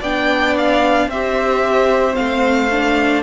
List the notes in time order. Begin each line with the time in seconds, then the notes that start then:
0.00 B3 D4 D5 G5
0.58 F5
1.07 C4 C5 E5
1.13 G4
2.14 A3 C4 F5
2.71 D4